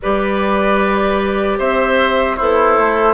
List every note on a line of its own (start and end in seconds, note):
0.01 1.59 G3
0.01 2.39 G4
0.01 1.58 B4
0.01 1.59 D5
1.58 2.38 C4
1.58 2.36 C5
1.58 2.36 E5
2.36 2.77 B3
2.36 3.14 E4
2.36 3.14 A4
2.36 3.14 C5
2.77 3.14 A3